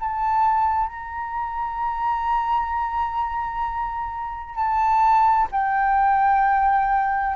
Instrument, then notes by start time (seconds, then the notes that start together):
flute
0.00 A5
0.87 A#5
4.56 A5
5.51 G5